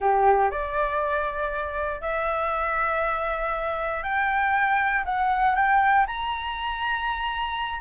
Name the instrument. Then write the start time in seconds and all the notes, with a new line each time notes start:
flute
0.00 G4
0.50 D5
2.01 E5
4.03 G5
5.05 F#5
5.55 G5
6.06 A#5